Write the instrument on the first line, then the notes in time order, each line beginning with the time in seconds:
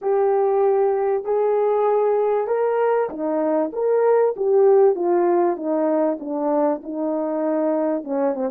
horn
0.01 G4
1.24 G#4
2.47 A#4
3.09 D#4
3.73 A#4
4.36 G4
4.95 F4
5.56 D#4
6.19 D4
6.83 D#4
8.04 C#4
8.34 C4